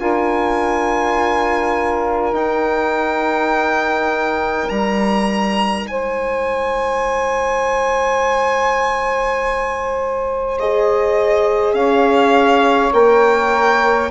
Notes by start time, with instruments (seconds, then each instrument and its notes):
0.00 bassoon D4, horn F4, saxophone A#4, violin G#5
2.33 bassoon D#4, horn D#4, violin G5
4.69 bassoon G3, violin A#5
5.85 bassoon G#3, saxophone C5, violin G#5
10.59 horn G#4, violin D#5
11.73 bassoon C#4, saxophone C#5, violin F5
12.93 bassoon A#3, horn A#4, violin G5